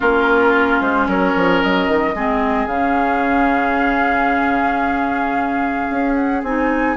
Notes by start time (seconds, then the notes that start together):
0.00 A#3 C#4 F4 A#4
0.81 G#3 C5
1.07 F#3 A#4 C#5
1.35 F3
1.62 F#3 D#5
1.88 D#3
2.14 G#3 C4 G#4
2.65 C#3 C#4 F5
5.90 C#4
6.15 F#5
6.43 C4 D#4 G#5